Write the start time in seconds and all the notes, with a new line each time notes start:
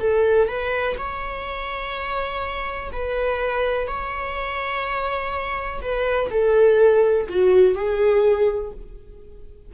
0.00 A4
0.48 B4
0.98 C#5
2.93 B4
3.88 C#5
5.82 B4
6.31 A4
7.29 F#4
7.76 G#4